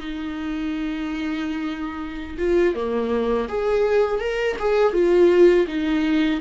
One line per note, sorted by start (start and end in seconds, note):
0.00 2.38 D#4
2.38 2.75 F4
2.75 3.48 A#3
3.49 4.20 G#4
4.20 4.57 A#4
4.59 4.94 G#4
4.94 5.67 F4
5.68 6.41 D#4